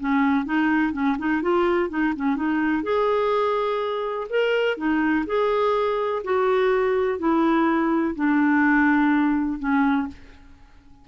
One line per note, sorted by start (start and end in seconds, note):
0.00 0.45 C#4
0.45 0.93 D#4
0.93 1.17 C#4
1.18 1.42 D#4
1.42 1.90 F4
1.90 2.14 D#4
2.16 2.36 C#4
2.36 2.83 D#4
2.83 4.27 G#4
4.29 4.77 A#4
4.77 5.25 D#4
5.26 6.22 G#4
6.24 7.19 F#4
7.19 8.15 E4
8.15 9.59 D4
9.59 10.07 C#4